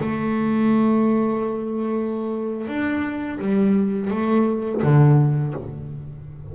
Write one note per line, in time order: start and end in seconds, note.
0.00 2.67 A3
2.67 3.39 D4
3.39 4.10 G3
4.10 4.81 A3
4.82 5.54 D3